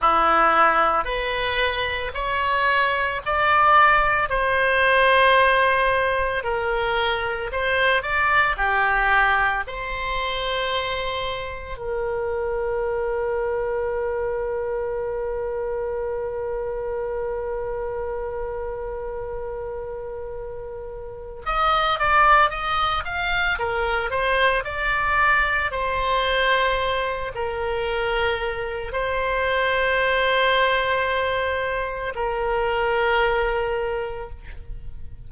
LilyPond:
\new Staff \with { instrumentName = "oboe" } { \time 4/4 \tempo 4 = 56 e'4 b'4 cis''4 d''4 | c''2 ais'4 c''8 d''8 | g'4 c''2 ais'4~ | ais'1~ |
ais'1 | dis''8 d''8 dis''8 f''8 ais'8 c''8 d''4 | c''4. ais'4. c''4~ | c''2 ais'2 | }